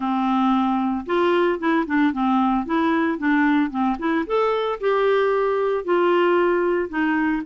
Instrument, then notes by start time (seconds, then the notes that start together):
clarinet
0.00 C4
1.05 F4
1.59 E4
1.86 D4
2.12 C4
2.65 E4
3.18 D4
3.70 C4
3.98 E4
4.26 A4
4.80 G4
5.84 F4
6.89 D#4